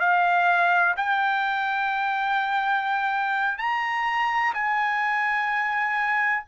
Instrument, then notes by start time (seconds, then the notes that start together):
trumpet
0.00 F5
0.97 G5
3.58 A#5
4.54 G#5